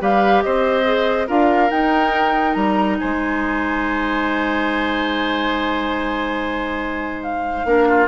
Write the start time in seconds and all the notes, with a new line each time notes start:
0.00 G3 G4 B4 F5
0.42 C4 C5 D#5
0.84 G#4
1.27 D4 F4 A#4 F5
1.70 D#4 G5
2.54 G3 A#5
2.99 G#3 C5 G#5
7.23 F5
7.65 A#3 D4 A#4
7.89 F4